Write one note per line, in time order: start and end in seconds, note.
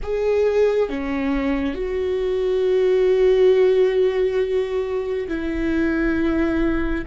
0.02 0.89 G#4
0.89 1.74 C#4
1.74 5.27 F#4
5.28 7.04 E4